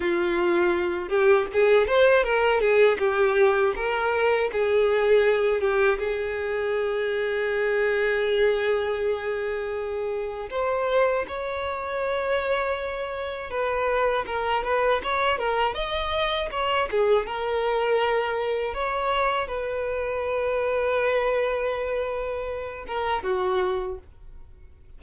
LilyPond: \new Staff \with { instrumentName = "violin" } { \time 4/4 \tempo 4 = 80 f'4. g'8 gis'8 c''8 ais'8 gis'8 | g'4 ais'4 gis'4. g'8 | gis'1~ | gis'2 c''4 cis''4~ |
cis''2 b'4 ais'8 b'8 | cis''8 ais'8 dis''4 cis''8 gis'8 ais'4~ | ais'4 cis''4 b'2~ | b'2~ b'8 ais'8 fis'4 | }